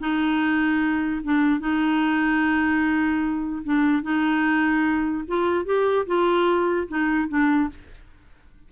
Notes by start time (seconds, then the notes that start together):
0.00 D#4
1.24 D4
1.60 D#4
3.64 D4
4.03 D#4
5.28 F4
5.66 G4
6.07 F4
6.88 D#4
7.29 D4